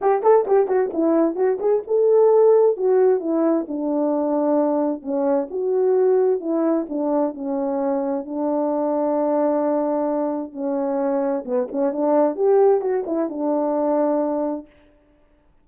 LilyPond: \new Staff \with { instrumentName = "horn" } { \time 4/4 \tempo 4 = 131 g'8 a'8 g'8 fis'8 e'4 fis'8 gis'8 | a'2 fis'4 e'4 | d'2. cis'4 | fis'2 e'4 d'4 |
cis'2 d'2~ | d'2. cis'4~ | cis'4 b8 cis'8 d'4 g'4 | fis'8 e'8 d'2. | }